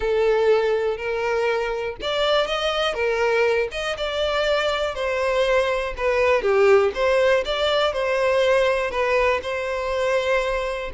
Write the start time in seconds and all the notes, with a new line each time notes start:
0.00 A4
0.97 A#4
2.01 D5
2.47 D#5
2.94 A#4
3.71 D#5
3.97 D5
4.94 C5
5.97 B4
6.42 G4
6.94 C5
7.45 D5
7.92 C5
8.91 B4
9.42 C5